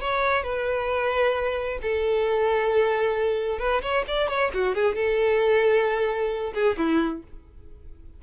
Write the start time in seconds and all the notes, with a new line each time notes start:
0.00 C#5
0.43 B4
1.82 A4
3.58 B4
3.82 C#5
4.07 D5
4.28 C#5
4.54 F#4
4.74 G#4
4.95 A4
6.53 G#4
6.77 E4